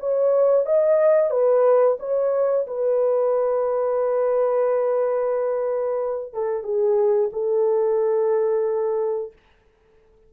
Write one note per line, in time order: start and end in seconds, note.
0.00 0.66 C#5
0.66 1.31 D#5
1.31 1.97 B4
1.99 2.66 C#5
2.67 6.33 B4
6.33 6.63 A4
6.63 7.30 G#4
7.33 9.33 A4